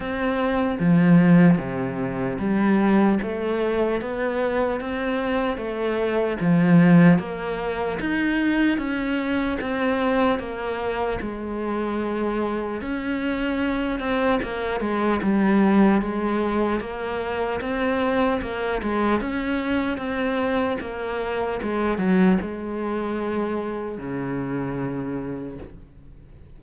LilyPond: \new Staff \with { instrumentName = "cello" } { \time 4/4 \tempo 4 = 75 c'4 f4 c4 g4 | a4 b4 c'4 a4 | f4 ais4 dis'4 cis'4 | c'4 ais4 gis2 |
cis'4. c'8 ais8 gis8 g4 | gis4 ais4 c'4 ais8 gis8 | cis'4 c'4 ais4 gis8 fis8 | gis2 cis2 | }